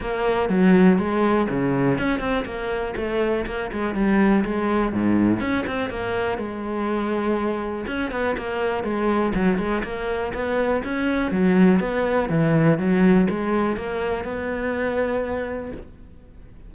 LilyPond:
\new Staff \with { instrumentName = "cello" } { \time 4/4 \tempo 4 = 122 ais4 fis4 gis4 cis4 | cis'8 c'8 ais4 a4 ais8 gis8 | g4 gis4 gis,4 cis'8 c'8 | ais4 gis2. |
cis'8 b8 ais4 gis4 fis8 gis8 | ais4 b4 cis'4 fis4 | b4 e4 fis4 gis4 | ais4 b2. | }